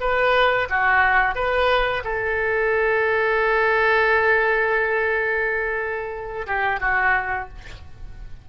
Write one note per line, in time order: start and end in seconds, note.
0.00 0.68 B4
0.69 1.35 F#4
1.35 2.03 B4
2.04 6.46 A4
6.46 6.80 G4
6.80 7.48 F#4